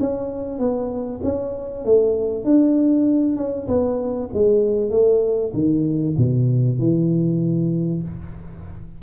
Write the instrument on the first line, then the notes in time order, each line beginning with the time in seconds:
tuba
0.00 C#4
0.58 B3
1.23 C#4
1.84 A3
2.44 D4
3.36 C#4
3.67 B3
4.34 G#3
4.90 A3
5.54 D#3
6.17 B2
6.79 E3